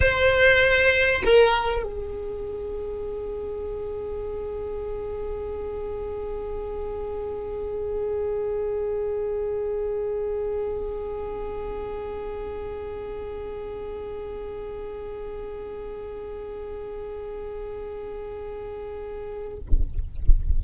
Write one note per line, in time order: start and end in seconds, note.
0.00 1.22 C5
1.24 1.83 A#4
1.83 19.59 G#4